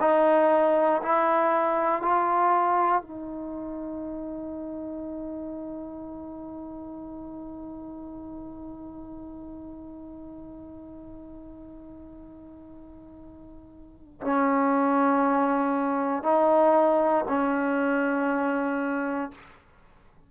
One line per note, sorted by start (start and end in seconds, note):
0.00 1.02 D#4
1.03 2.02 E4
2.02 3.02 F4
3.02 14.21 D#4
14.21 16.23 C#4
16.23 17.25 D#4
17.28 19.31 C#4